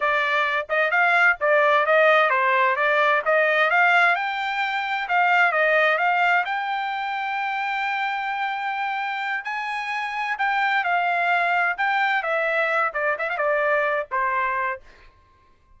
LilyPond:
\new Staff \with { instrumentName = "trumpet" } { \time 4/4 \tempo 4 = 130 d''4. dis''8 f''4 d''4 | dis''4 c''4 d''4 dis''4 | f''4 g''2 f''4 | dis''4 f''4 g''2~ |
g''1~ | g''8 gis''2 g''4 f''8~ | f''4. g''4 e''4. | d''8 e''16 f''16 d''4. c''4. | }